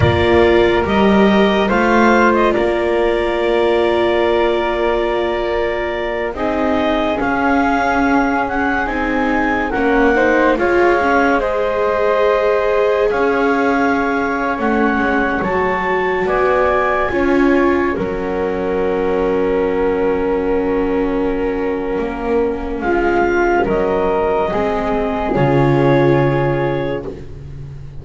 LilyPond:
<<
  \new Staff \with { instrumentName = "clarinet" } { \time 4/4 \tempo 4 = 71 d''4 dis''4 f''8. dis''16 d''4~ | d''2.~ d''8 dis''8~ | dis''8 f''4. fis''8 gis''4 fis''8~ | fis''8 f''4 dis''2 f''8~ |
f''4~ f''16 fis''4 a''4 gis''8.~ | gis''4~ gis''16 fis''2~ fis''8.~ | fis''2. f''4 | dis''2 cis''2 | }
  \new Staff \with { instrumentName = "flute" } { \time 4/4 ais'2 c''4 ais'4~ | ais'2.~ ais'8 gis'8~ | gis'2.~ gis'8 ais'8 | c''8 cis''4 c''2 cis''8~ |
cis''2.~ cis''16 d''8.~ | d''16 cis''4 ais'2~ ais'8.~ | ais'2. f'4 | ais'4 gis'2. | }
  \new Staff \with { instrumentName = "viola" } { \time 4/4 f'4 g'4 f'2~ | f'2.~ f'8 dis'8~ | dis'8 cis'2 dis'4 cis'8 | dis'8 f'8 cis'8 gis'2~ gis'8~ |
gis'4~ gis'16 cis'4 fis'4.~ fis'16~ | fis'16 f'4 cis'2~ cis'8.~ | cis'1~ | cis'4 c'4 f'2 | }
  \new Staff \with { instrumentName = "double bass" } { \time 4/4 ais4 g4 a4 ais4~ | ais2.~ ais8 c'8~ | c'8 cis'2 c'4 ais8~ | ais8 gis2. cis'8~ |
cis'4~ cis'16 a8 gis8 fis4 b8.~ | b16 cis'4 fis2~ fis8.~ | fis2 ais4 gis4 | fis4 gis4 cis2 | }
>>